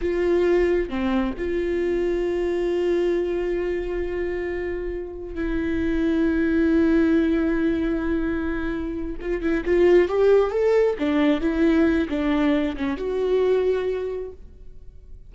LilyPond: \new Staff \with { instrumentName = "viola" } { \time 4/4 \tempo 4 = 134 f'2 c'4 f'4~ | f'1~ | f'1 | e'1~ |
e'1~ | e'8 f'8 e'8 f'4 g'4 a'8~ | a'8 d'4 e'4. d'4~ | d'8 cis'8 fis'2. | }